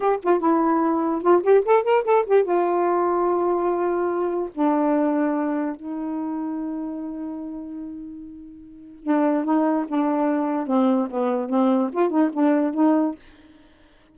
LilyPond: \new Staff \with { instrumentName = "saxophone" } { \time 4/4 \tempo 4 = 146 g'8 f'8 e'2 f'8 g'8 | a'8 ais'8 a'8 g'8 f'2~ | f'2. d'4~ | d'2 dis'2~ |
dis'1~ | dis'2 d'4 dis'4 | d'2 c'4 b4 | c'4 f'8 dis'8 d'4 dis'4 | }